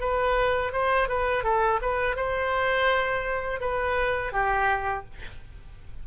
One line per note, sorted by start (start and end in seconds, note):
0.00 0.72 B4
0.73 1.08 C5
1.08 1.44 B4
1.44 1.80 A4
1.81 2.16 B4
2.16 3.60 C5
3.60 4.32 B4
4.32 5.05 G4